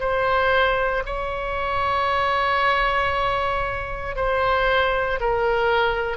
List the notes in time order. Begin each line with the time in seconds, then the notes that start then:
0.00 C5
1.06 C#5
4.16 C5
5.21 A#4